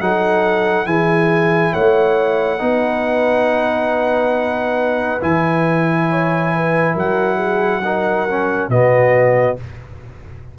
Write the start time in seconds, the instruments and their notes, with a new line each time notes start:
0.00 tuba F#3, trombone D#4, horn A4, trumpet F#5
0.85 tuba E3, trombone E4, horn G#4, trumpet G#5
1.72 tuba A3, horn C#5, trumpet F#5
2.59 tuba B3, trombone D#4, horn B4
5.21 tuba E3, trombone E4, trumpet G#5
6.09 horn C#5
6.55 horn B4
6.93 tuba F#3, horn A#4, trumpet F#5
7.36 horn G#4
7.84 trombone D#4, horn A#4
8.29 trombone C#4
8.68 tuba B2, trombone B3, horn F#4, trumpet D#5